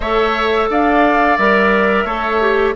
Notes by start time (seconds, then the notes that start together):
0.00 A3 A4 C#5 E5
0.69 D4 D5 F5
1.37 G3 A#4 E5
2.04 A3 A4 C#5
2.41 G4